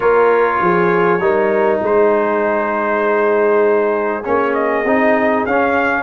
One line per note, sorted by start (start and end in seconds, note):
0.00 0.60 A#3
0.00 1.20 F4
0.00 0.61 A#4
0.00 1.80 C#5
0.60 1.19 F3
0.60 1.21 G#4
1.19 1.80 G3
1.19 4.23 D#4
1.19 1.82 A#4
1.81 4.23 G#3
1.81 6.03 G#4
1.81 4.24 C5
4.24 4.84 A#3
4.24 4.85 C#4
4.24 4.54 C#5
4.54 5.45 D#5
4.84 5.45 C4
4.84 5.48 D#4
5.46 6.03 C#4
5.46 6.03 F5